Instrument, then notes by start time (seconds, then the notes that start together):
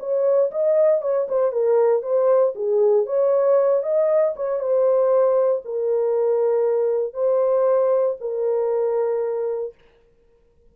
horn
0.00 C#5
0.52 D#5
1.02 C#5
1.29 C5
1.52 A#4
2.03 C5
2.56 G#4
3.07 C#5
3.84 D#5
4.36 C#5
4.60 C5
5.65 A#4
7.14 C5
8.21 A#4